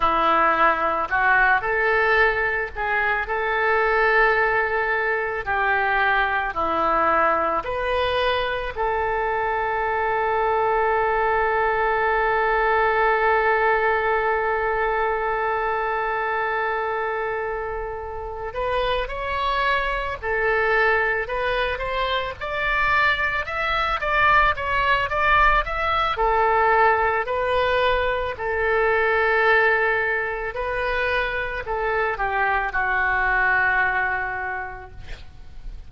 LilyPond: \new Staff \with { instrumentName = "oboe" } { \time 4/4 \tempo 4 = 55 e'4 fis'8 a'4 gis'8 a'4~ | a'4 g'4 e'4 b'4 | a'1~ | a'1~ |
a'4 b'8 cis''4 a'4 b'8 | c''8 d''4 e''8 d''8 cis''8 d''8 e''8 | a'4 b'4 a'2 | b'4 a'8 g'8 fis'2 | }